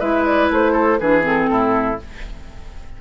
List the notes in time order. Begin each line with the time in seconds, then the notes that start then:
0.00 G#3 E4 B4 E5
0.26 D5
0.51 A3 C5
0.73 A4
0.99 E3 D4 G#4 B4
1.22 C4 A4
1.50 A2 E4